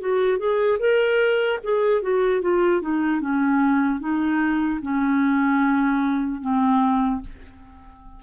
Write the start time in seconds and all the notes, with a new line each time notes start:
0.00 F#4
0.38 G#4
0.79 A#4
1.64 G#4
2.02 F#4
2.41 F4
2.81 D#4
3.21 C#4
4.00 D#4
4.82 C#4
6.41 C4